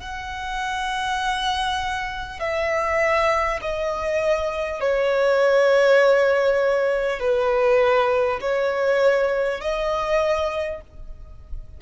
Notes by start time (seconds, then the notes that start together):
0.00 F#5
2.39 E5
3.61 D#5
4.80 C#5
7.19 B4
8.41 C#5
9.61 D#5